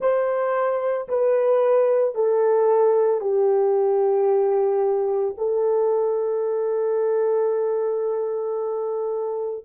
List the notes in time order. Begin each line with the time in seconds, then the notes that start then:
0.00 C5
1.08 B4
2.14 A4
3.20 G4
5.37 A4